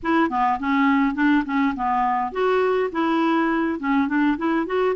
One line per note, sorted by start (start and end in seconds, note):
0.02 0.30 E4
0.30 0.59 B3
0.59 1.14 C#4
1.14 1.44 D4
1.45 1.74 C#4
1.75 2.31 B3
2.31 2.90 F#4
2.92 3.79 E4
3.79 4.08 C#4
4.08 4.37 D4
4.37 4.66 E4
4.66 4.95 F#4